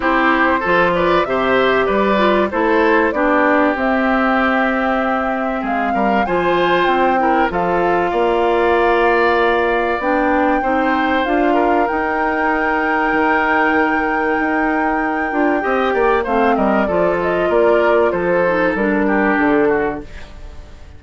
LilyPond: <<
  \new Staff \with { instrumentName = "flute" } { \time 4/4 \tempo 4 = 96 c''4. d''8 e''4 d''4 | c''4 d''4 e''2~ | e''4 f''4 gis''4 g''4 | f''1 |
g''2 f''4 g''4~ | g''1~ | g''2 f''8 dis''8 d''8 dis''8 | d''4 c''4 ais'4 a'4 | }
  \new Staff \with { instrumentName = "oboe" } { \time 4/4 g'4 a'8 b'8 c''4 b'4 | a'4 g'2.~ | g'4 gis'8 ais'8 c''4. ais'8 | a'4 d''2.~ |
d''4 c''4. ais'4.~ | ais'1~ | ais'4 dis''8 d''8 c''8 ais'8 a'4 | ais'4 a'4. g'4 fis'8 | }
  \new Staff \with { instrumentName = "clarinet" } { \time 4/4 e'4 f'4 g'4. f'8 | e'4 d'4 c'2~ | c'2 f'4. e'8 | f'1 |
d'4 dis'4 f'4 dis'4~ | dis'1~ | dis'8 f'8 g'4 c'4 f'4~ | f'4. dis'8 d'2 | }
  \new Staff \with { instrumentName = "bassoon" } { \time 4/4 c'4 f4 c4 g4 | a4 b4 c'2~ | c'4 gis8 g8 f4 c'4 | f4 ais2. |
b4 c'4 d'4 dis'4~ | dis'4 dis2 dis'4~ | dis'8 d'8 c'8 ais8 a8 g8 f4 | ais4 f4 g4 d4 | }
>>